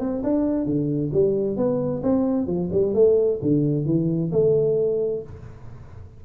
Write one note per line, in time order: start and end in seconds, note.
0.00 0.23 C4
0.23 0.66 D4
0.66 1.11 D3
1.13 1.57 G3
1.57 2.02 B3
2.03 2.47 C4
2.47 2.70 F3
2.72 2.94 G3
2.94 3.40 A3
3.42 3.86 D3
3.86 4.31 E3
4.32 5.23 A3